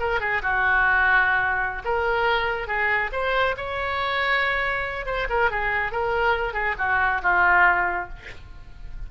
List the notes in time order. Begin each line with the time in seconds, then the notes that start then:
0.00 A#4
0.20 G#4
0.42 F#4
1.85 A#4
2.68 G#4
3.12 C5
3.57 C#5
5.06 C5
5.30 A#4
5.51 G#4
5.92 A#4
6.54 G#4
6.78 F#4
7.23 F4